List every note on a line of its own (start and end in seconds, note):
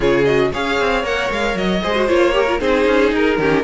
0.00 0.52 C#3
0.00 0.25 F4
0.00 0.49 G#4
0.00 0.25 C#5
0.25 0.51 F#4
0.25 0.51 D#5
0.52 0.80 C#4
0.52 1.03 G#4
0.52 1.82 C#5
0.52 1.05 F5
0.80 1.03 C4
1.03 1.30 A#3
1.03 1.81 A#4
1.03 1.31 F#5
1.31 1.54 G#3
1.31 1.57 F5
1.54 1.80 F#3
1.54 2.08 D#5
1.82 2.10 G#3
1.82 1.95 G#4
1.82 2.34 C5
1.95 2.08 F#4
2.08 2.60 A#3
2.08 2.32 F4
2.08 2.60 C#5
2.32 2.45 G4
2.32 2.60 A#4
2.48 2.59 F4
2.59 2.86 C4
2.59 3.37 D#4
2.59 3.39 G#4
2.59 3.12 C5
2.86 3.11 C#4
3.11 3.37 D#4
3.11 3.63 A#4
3.37 3.63 D#3
3.37 3.63 C#4
3.37 3.63 G4